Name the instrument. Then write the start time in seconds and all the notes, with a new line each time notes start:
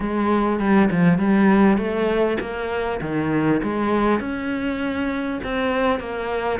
cello
0.00 G#3
0.59 G3
0.90 F3
1.18 G3
1.77 A3
2.40 A#3
3.01 D#3
3.63 G#3
4.19 C#4
5.43 C4
5.99 A#3